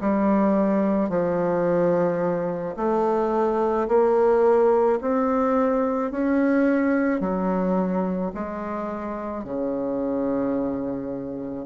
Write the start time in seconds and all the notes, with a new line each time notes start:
0.00 G3
1.09 F3
2.76 A3
3.88 A#3
5.01 C4
6.11 C#4
7.21 F#3
8.34 G#3
9.44 C#3